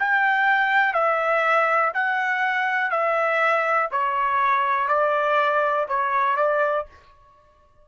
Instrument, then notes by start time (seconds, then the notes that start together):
trumpet
0.00 G5
0.94 E5
1.94 F#5
2.91 E5
3.91 C#5
4.89 D5
5.89 C#5
6.37 D5